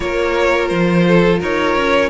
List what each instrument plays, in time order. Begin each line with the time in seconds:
0.00 cello A#3, viola F4, violin A#4 C#5
0.68 cello F3, violin C5
1.07 violin A4
1.39 cello D#4, violin A#4 C#5
1.75 cello C#4